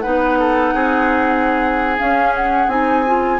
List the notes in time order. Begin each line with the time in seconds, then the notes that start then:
0.00 B3 D#4 B4 F#5
0.39 A4
0.74 C4 G#4
1.98 C#4 F5
2.35 F#5
2.67 C4 D#4 G#5
3.06 F4